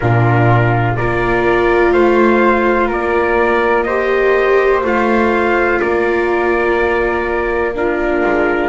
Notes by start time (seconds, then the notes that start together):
0.00 A#2 D4 F4 A#4
0.96 A#3 F4 A#4 D5
1.93 A3 C5 F5
2.87 A#3 A#4 D5
3.83 G4 C5 D#5
4.83 A3 F4 F5
5.80 A#3 A#4 D5
7.74 D4 F4 A#4
8.25 G#3